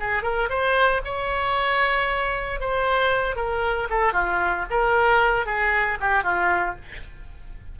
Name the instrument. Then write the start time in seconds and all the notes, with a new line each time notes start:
oboe
0.00 G#4
0.23 A#4
0.50 C5
1.05 C#5
2.61 C5
3.36 A#4
3.90 A4
4.13 F4
4.71 A#4
5.46 G#4
6.00 G4
6.24 F4